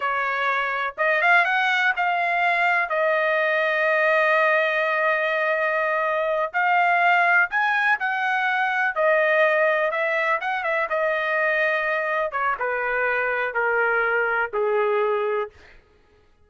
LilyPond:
\new Staff \with { instrumentName = "trumpet" } { \time 4/4 \tempo 4 = 124 cis''2 dis''8 f''8 fis''4 | f''2 dis''2~ | dis''1~ | dis''4. f''2 gis''8~ |
gis''8 fis''2 dis''4.~ | dis''8 e''4 fis''8 e''8 dis''4.~ | dis''4. cis''8 b'2 | ais'2 gis'2 | }